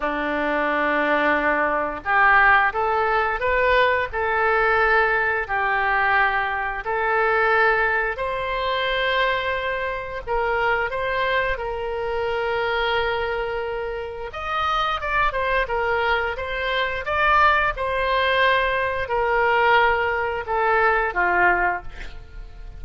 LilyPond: \new Staff \with { instrumentName = "oboe" } { \time 4/4 \tempo 4 = 88 d'2. g'4 | a'4 b'4 a'2 | g'2 a'2 | c''2. ais'4 |
c''4 ais'2.~ | ais'4 dis''4 d''8 c''8 ais'4 | c''4 d''4 c''2 | ais'2 a'4 f'4 | }